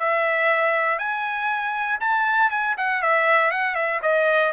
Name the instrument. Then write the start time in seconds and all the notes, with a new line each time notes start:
trumpet
0.00 E5
0.99 G#5
2.01 A5
2.50 G#5
2.78 F#5
3.03 E5
3.52 F#5
3.76 E5
4.03 D#5